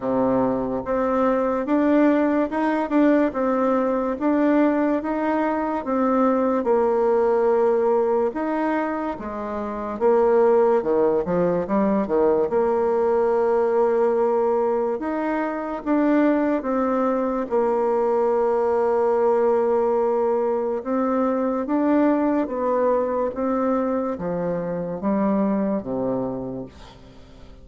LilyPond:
\new Staff \with { instrumentName = "bassoon" } { \time 4/4 \tempo 4 = 72 c4 c'4 d'4 dis'8 d'8 | c'4 d'4 dis'4 c'4 | ais2 dis'4 gis4 | ais4 dis8 f8 g8 dis8 ais4~ |
ais2 dis'4 d'4 | c'4 ais2.~ | ais4 c'4 d'4 b4 | c'4 f4 g4 c4 | }